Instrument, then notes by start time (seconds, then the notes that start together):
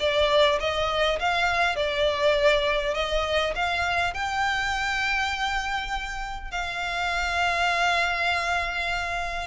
violin
0.00 D5
0.60 D#5
1.20 F5
1.76 D5
2.95 D#5
3.56 F5
4.14 G5
6.52 F5